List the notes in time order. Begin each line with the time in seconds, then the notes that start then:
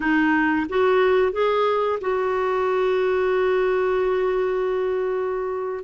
0.00 D#4
0.69 F#4
1.32 G#4
2.01 F#4